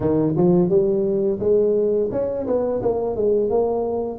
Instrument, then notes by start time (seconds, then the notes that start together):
tuba
0.00 D#3
0.36 F3
0.69 G3
1.39 G#3
2.11 C#4
2.46 B3
2.82 A#3
3.16 G#3
3.49 A#3